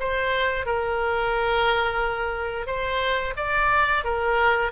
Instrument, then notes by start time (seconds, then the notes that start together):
oboe
0.00 C5
0.66 A#4
2.67 C5
3.37 D5
4.04 A#4